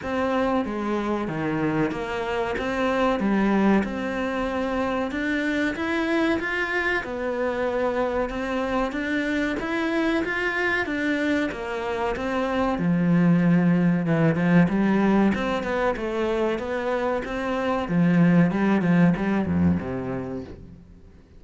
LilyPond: \new Staff \with { instrumentName = "cello" } { \time 4/4 \tempo 4 = 94 c'4 gis4 dis4 ais4 | c'4 g4 c'2 | d'4 e'4 f'4 b4~ | b4 c'4 d'4 e'4 |
f'4 d'4 ais4 c'4 | f2 e8 f8 g4 | c'8 b8 a4 b4 c'4 | f4 g8 f8 g8 f,8 c4 | }